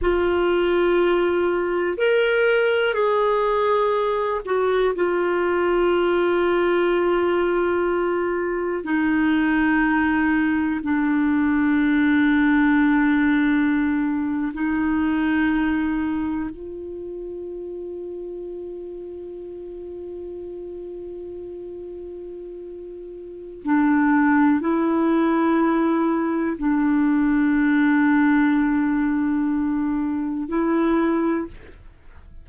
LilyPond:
\new Staff \with { instrumentName = "clarinet" } { \time 4/4 \tempo 4 = 61 f'2 ais'4 gis'4~ | gis'8 fis'8 f'2.~ | f'4 dis'2 d'4~ | d'2~ d'8. dis'4~ dis'16~ |
dis'8. f'2.~ f'16~ | f'1 | d'4 e'2 d'4~ | d'2. e'4 | }